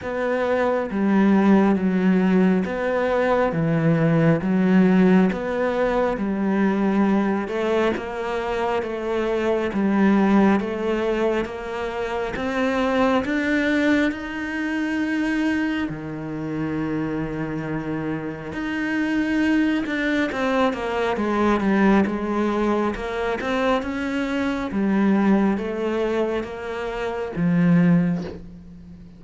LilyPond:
\new Staff \with { instrumentName = "cello" } { \time 4/4 \tempo 4 = 68 b4 g4 fis4 b4 | e4 fis4 b4 g4~ | g8 a8 ais4 a4 g4 | a4 ais4 c'4 d'4 |
dis'2 dis2~ | dis4 dis'4. d'8 c'8 ais8 | gis8 g8 gis4 ais8 c'8 cis'4 | g4 a4 ais4 f4 | }